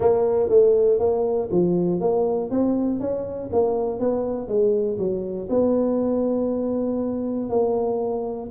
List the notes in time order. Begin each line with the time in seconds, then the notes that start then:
0.00 A#3
0.49 A3
0.99 A#3
1.51 F3
2.00 A#3
2.50 C4
3.00 C#4
3.52 A#3
3.99 B3
4.48 G#3
4.98 F#3
5.49 B3
7.49 A#3